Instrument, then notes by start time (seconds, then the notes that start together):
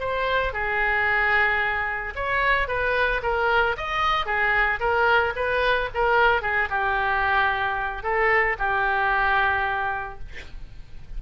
oboe
0.00 C5
0.53 G#4
2.16 C#5
2.68 B4
3.23 A#4
3.77 D#5
4.26 G#4
4.80 A#4
5.36 B4
5.94 A#4
6.42 G#4
6.70 G4
8.03 A4
8.59 G4